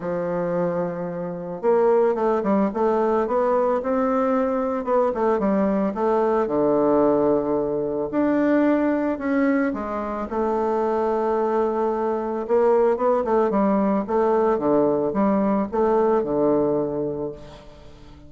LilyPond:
\new Staff \with { instrumentName = "bassoon" } { \time 4/4 \tempo 4 = 111 f2. ais4 | a8 g8 a4 b4 c'4~ | c'4 b8 a8 g4 a4 | d2. d'4~ |
d'4 cis'4 gis4 a4~ | a2. ais4 | b8 a8 g4 a4 d4 | g4 a4 d2 | }